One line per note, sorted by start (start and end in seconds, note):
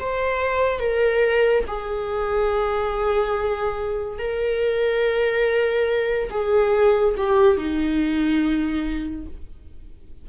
0.00 0.80 C5
0.80 1.64 A#4
1.67 4.19 G#4
4.19 6.30 A#4
6.31 7.15 G#4
7.17 7.57 G4
7.57 9.27 D#4